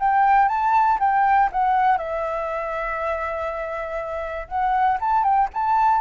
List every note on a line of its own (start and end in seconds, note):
0.00 0.48 G5
0.48 0.98 A5
1.00 1.50 G5
1.52 1.98 F#5
1.98 4.48 E5
4.48 4.98 F#5
5.01 5.24 A5
5.24 5.49 G5
5.54 6.02 A5